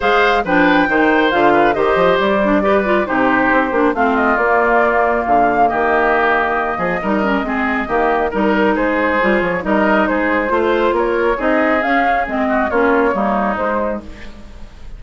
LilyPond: <<
  \new Staff \with { instrumentName = "flute" } { \time 4/4 \tempo 4 = 137 f''4 g''2 f''4 | dis''4 d''2 c''4~ | c''4 f''8 dis''8 d''2 | f''4 dis''2.~ |
dis''2. ais'4 | c''4. cis''8 dis''4 c''4~ | c''4 cis''4 dis''4 f''4 | dis''4 cis''2 c''4 | }
  \new Staff \with { instrumentName = "oboe" } { \time 4/4 c''4 b'4 c''4. b'8 | c''2 b'4 g'4~ | g'4 f'2.~ | f'4 g'2~ g'8 gis'8 |
ais'4 gis'4 g'4 ais'4 | gis'2 ais'4 gis'4 | c''4 ais'4 gis'2~ | gis'8 fis'8 f'4 dis'2 | }
  \new Staff \with { instrumentName = "clarinet" } { \time 4/4 gis'4 d'4 dis'4 f'4 | g'4. d'8 g'8 f'8 dis'4~ | dis'8 d'8 c'4 ais2~ | ais1 |
dis'8 cis'8 c'4 ais4 dis'4~ | dis'4 f'4 dis'2 | f'2 dis'4 cis'4 | c'4 cis'4 ais4 gis4 | }
  \new Staff \with { instrumentName = "bassoon" } { \time 4/4 gis4 f4 dis4 d4 | dis8 f8 g2 c4 | c'8 ais8 a4 ais2 | d4 dis2~ dis8 f8 |
g4 gis4 dis4 g4 | gis4 g8 f8 g4 gis4 | a4 ais4 c'4 cis'4 | gis4 ais4 g4 gis4 | }
>>